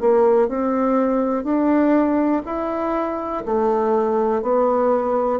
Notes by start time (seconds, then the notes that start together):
0.00 A#3
0.48 C4
1.44 D4
2.45 E4
3.46 A3
4.42 B3